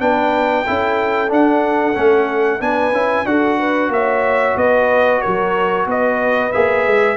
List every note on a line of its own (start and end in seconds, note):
0.00 0.66 B3
0.00 0.65 D4
0.00 0.66 B4
0.00 1.31 G5
0.67 1.30 C#4
0.67 1.29 E4
0.67 2.62 A4
1.29 1.94 D4
1.29 1.96 D4
1.29 2.62 F#5
1.95 2.61 A3
1.95 2.60 C#4
2.60 2.92 B3
2.60 2.93 D4
2.60 3.27 B4
2.60 3.27 G#5
2.92 3.25 C#4
2.92 3.26 E4
3.26 3.89 D4
3.26 6.52 F#4
3.26 3.59 A4
3.26 3.92 F#5
3.59 3.91 B4
3.89 4.54 A#3
3.89 4.58 C#5
3.89 4.58 E5
4.57 5.22 B3
4.57 5.22 B4
4.57 5.22 D#5
5.22 5.87 F#3
5.22 5.87 A#4
5.22 5.87 C#5
5.87 6.52 B3
5.87 7.17 B4
5.87 6.53 D#5
6.53 6.87 A#3
6.53 7.17 G#4
6.53 7.17 E5
6.87 7.17 G#3